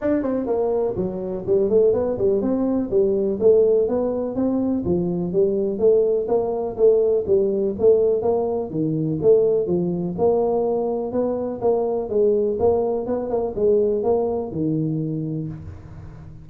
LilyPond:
\new Staff \with { instrumentName = "tuba" } { \time 4/4 \tempo 4 = 124 d'8 c'8 ais4 fis4 g8 a8 | b8 g8 c'4 g4 a4 | b4 c'4 f4 g4 | a4 ais4 a4 g4 |
a4 ais4 dis4 a4 | f4 ais2 b4 | ais4 gis4 ais4 b8 ais8 | gis4 ais4 dis2 | }